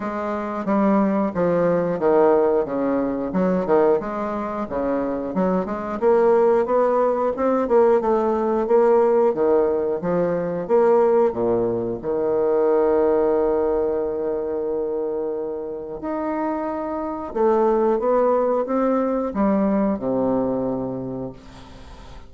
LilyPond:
\new Staff \with { instrumentName = "bassoon" } { \time 4/4 \tempo 4 = 90 gis4 g4 f4 dis4 | cis4 fis8 dis8 gis4 cis4 | fis8 gis8 ais4 b4 c'8 ais8 | a4 ais4 dis4 f4 |
ais4 ais,4 dis2~ | dis1 | dis'2 a4 b4 | c'4 g4 c2 | }